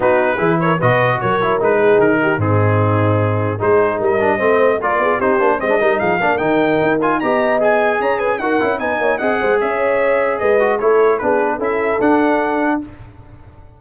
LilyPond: <<
  \new Staff \with { instrumentName = "trumpet" } { \time 4/4 \tempo 4 = 150 b'4. cis''8 dis''4 cis''4 | b'4 ais'4 gis'2~ | gis'4 c''4 dis''2 | d''4 c''4 dis''4 f''4 |
g''4. gis''8 ais''4 gis''4 | ais''8 gis''8 fis''4 gis''4 fis''4 | e''2 dis''4 cis''4 | b'4 e''4 fis''2 | }
  \new Staff \with { instrumentName = "horn" } { \time 4/4 fis'4 gis'8 ais'8 b'4 ais'4~ | ais'8 gis'4 g'8 dis'2~ | dis'4 gis'4 ais'4 c''4 | ais'8 gis'8 g'4 c''8 ais'8 gis'8 ais'8~ |
ais'2 dis''2 | cis''8 b'8 ais'4 b'8 cis''8 dis''8 c''8 | cis''2 b'4 a'4 | gis'4 a'2. | }
  \new Staff \with { instrumentName = "trombone" } { \time 4/4 dis'4 e'4 fis'4. e'8 | dis'2 c'2~ | c'4 dis'4. d'8 c'4 | f'4 dis'8 d'8 c'16 d'16 dis'4 d'8 |
dis'4. f'8 g'4 gis'4~ | gis'4 fis'8 e'8 dis'4 gis'4~ | gis'2~ gis'8 fis'8 e'4 | d'4 e'4 d'2 | }
  \new Staff \with { instrumentName = "tuba" } { \time 4/4 b4 e4 b,4 fis4 | gis4 dis4 gis,2~ | gis,4 gis4 g4 a4 | ais8 b8 c'8 ais8 gis8 g8 f8 ais8 |
dis4 dis'4 b2 | cis'4 dis'8 cis'8 b8 ais8 c'8 gis8 | cis'2 gis4 a4 | b4 cis'4 d'2 | }
>>